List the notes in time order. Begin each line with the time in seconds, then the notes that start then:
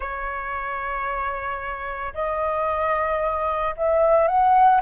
0.00 C#5
2.14 D#5
3.76 E5
4.27 F#5